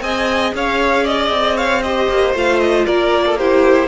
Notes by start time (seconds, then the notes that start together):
0.00 C4 G#4 D#5 G#5
0.54 C#4 C#5 F5
1.03 D5 D#5
1.30 C4
1.55 C#5 F5
1.82 G4 C5 D#5
2.09 A#3
2.34 A3 F4 F5
2.59 D#5
2.86 A#3 A#4 D5
3.26 A4
3.38 E4 G4 C5